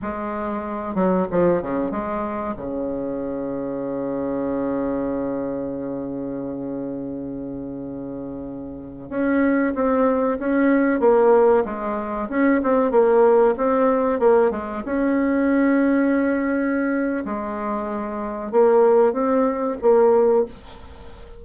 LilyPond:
\new Staff \with { instrumentName = "bassoon" } { \time 4/4 \tempo 4 = 94 gis4. fis8 f8 cis8 gis4 | cis1~ | cis1~ | cis2~ cis16 cis'4 c'8.~ |
c'16 cis'4 ais4 gis4 cis'8 c'16~ | c'16 ais4 c'4 ais8 gis8 cis'8.~ | cis'2. gis4~ | gis4 ais4 c'4 ais4 | }